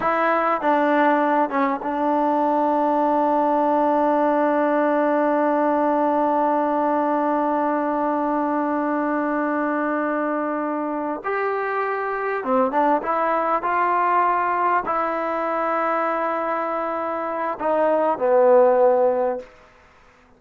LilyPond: \new Staff \with { instrumentName = "trombone" } { \time 4/4 \tempo 4 = 99 e'4 d'4. cis'8 d'4~ | d'1~ | d'1~ | d'1~ |
d'2~ d'8 g'4.~ | g'8 c'8 d'8 e'4 f'4.~ | f'8 e'2.~ e'8~ | e'4 dis'4 b2 | }